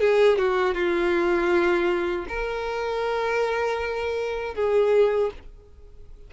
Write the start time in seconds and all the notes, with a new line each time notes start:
0.00 G#4
0.38 F#4
0.74 F4
2.29 A#4
4.55 G#4